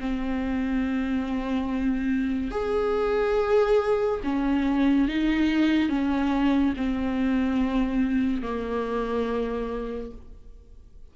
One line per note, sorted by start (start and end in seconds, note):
0.00 2.51 C4
2.51 4.20 G#4
4.24 5.08 C#4
5.09 5.89 D#4
5.89 6.74 C#4
6.77 8.42 C4
8.42 10.11 A#3